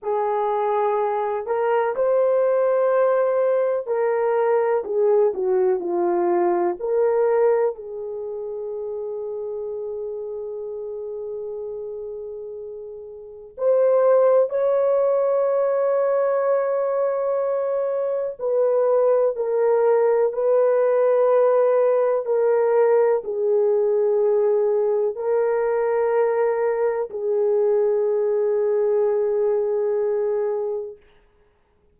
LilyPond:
\new Staff \with { instrumentName = "horn" } { \time 4/4 \tempo 4 = 62 gis'4. ais'8 c''2 | ais'4 gis'8 fis'8 f'4 ais'4 | gis'1~ | gis'2 c''4 cis''4~ |
cis''2. b'4 | ais'4 b'2 ais'4 | gis'2 ais'2 | gis'1 | }